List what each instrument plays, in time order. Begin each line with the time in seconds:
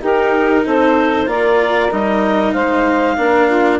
0.00 bassoon D#4, cello D#4, saxophone G4, clarinet A#4
0.65 bassoon C4, saxophone A4, clarinet C5
1.26 bassoon A#3, cello F4, saxophone A#4, clarinet D5
1.91 bassoon G3, cello D#4, clarinet D#5
2.53 bassoon G#3, saxophone C5, clarinet F5
3.17 bassoon A#3, cello D4, saxophone A#4
3.47 saxophone F4